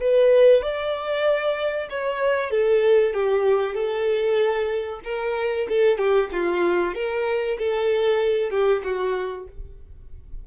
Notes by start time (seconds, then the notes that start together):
0.00 B4
0.62 D5
1.89 C#5
2.50 A4
3.14 G4
3.74 A4
5.04 A#4
5.69 A4
5.98 G4
6.32 F4
6.94 A#4
7.58 A4
8.50 G4
8.84 F#4